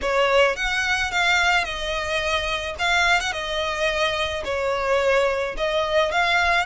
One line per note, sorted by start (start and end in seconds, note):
0.01 0.56 C#5
0.56 1.11 F#5
1.11 1.64 F5
1.64 2.75 D#5
2.78 3.20 F5
3.20 3.32 F#5
3.32 4.43 D#5
4.44 5.55 C#5
5.57 6.11 D#5
6.11 6.65 F5